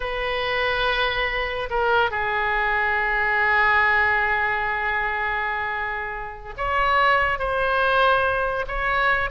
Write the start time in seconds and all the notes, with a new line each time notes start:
0.00 B4
1.70 A#4
2.10 G#4
6.57 C#5
7.38 C5
8.67 C#5